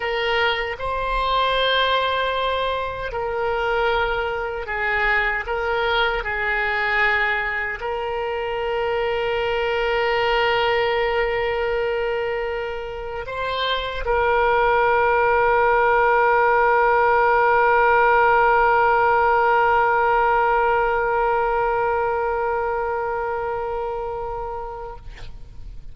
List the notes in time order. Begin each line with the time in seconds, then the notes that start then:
0.00 A#4
0.78 C5
3.12 A#4
4.66 G#4
5.46 A#4
6.23 G#4
7.80 A#4
13.26 C5
14.05 A#4